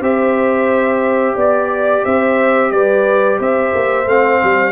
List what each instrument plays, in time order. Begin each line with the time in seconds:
0.00 tuba C4, trombone G4, horn C5, trumpet E5
1.35 tuba B3, horn D5, trumpet D5
2.04 tuba C4, horn C5, trumpet E5
2.71 tuba G3, horn B4, trumpet D5
3.38 tuba C4, horn C5, trumpet E5
3.74 tuba A#3
4.05 tuba A3, trombone C4, trumpet F5
4.42 tuba G3